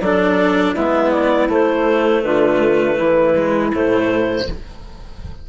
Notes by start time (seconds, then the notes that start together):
0.00 F#3 D4 A4 D5
0.74 G#3 B3 E4 E5
1.11 D5
1.49 A3 C5
2.23 D3 F4 B4
2.97 E3 E4
3.35 G#3
3.72 A2 A3 C5